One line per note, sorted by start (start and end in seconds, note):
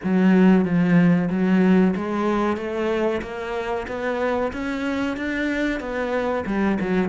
0.03 0.64 F#3
0.64 1.29 F3
1.30 1.94 F#3
1.96 2.56 G#3
2.56 3.21 A3
3.22 3.86 A#3
3.87 4.52 B3
4.52 5.16 C#4
5.16 5.79 D4
5.79 6.44 B3
6.45 6.78 G3
6.80 7.09 F#3